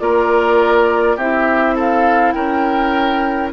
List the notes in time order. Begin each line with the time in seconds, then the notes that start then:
0.00 A#3 F4 A#4 D5
1.17 C4 E4 G4 E5
1.75 A4 F5
2.32 C#4 A#4 G5